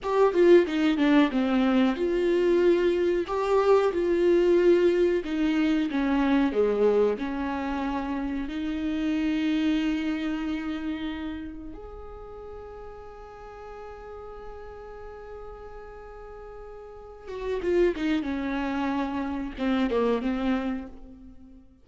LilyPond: \new Staff \with { instrumentName = "viola" } { \time 4/4 \tempo 4 = 92 g'8 f'8 dis'8 d'8 c'4 f'4~ | f'4 g'4 f'2 | dis'4 cis'4 gis4 cis'4~ | cis'4 dis'2.~ |
dis'2 gis'2~ | gis'1~ | gis'2~ gis'8 fis'8 f'8 dis'8 | cis'2 c'8 ais8 c'4 | }